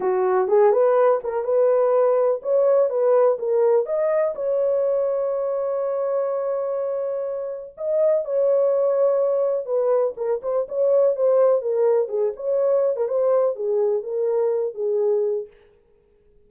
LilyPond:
\new Staff \with { instrumentName = "horn" } { \time 4/4 \tempo 4 = 124 fis'4 gis'8 b'4 ais'8 b'4~ | b'4 cis''4 b'4 ais'4 | dis''4 cis''2.~ | cis''1 |
dis''4 cis''2. | b'4 ais'8 c''8 cis''4 c''4 | ais'4 gis'8 cis''4~ cis''16 ais'16 c''4 | gis'4 ais'4. gis'4. | }